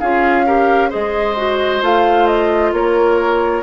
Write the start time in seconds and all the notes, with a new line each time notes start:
0.00 C#4 F4 G#4 F5
0.47 G4 A#4
0.90 G#3 G#4 C5 D#5
1.37 F#4
1.81 A3 F4 F5
2.27 D#5
2.73 A#3 A#4 C#5